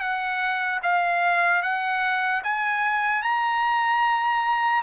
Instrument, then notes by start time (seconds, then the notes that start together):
trumpet
0.00 F#5
0.83 F5
1.63 F#5
2.44 G#5
3.23 A#5